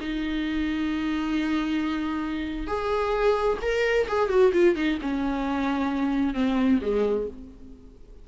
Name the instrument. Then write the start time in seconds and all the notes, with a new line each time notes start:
viola
0.00 D#4
2.67 G#4
3.62 A#4
4.08 G#4
4.29 F#4
4.52 F4
4.75 D#4
5.01 C#4
6.34 C4
6.81 G#3